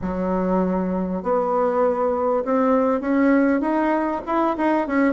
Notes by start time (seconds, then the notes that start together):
0.01 F#3
1.22 B3
2.44 C4
3.01 C#4
3.60 D#4
4.26 E4
4.57 D#4
4.87 C#4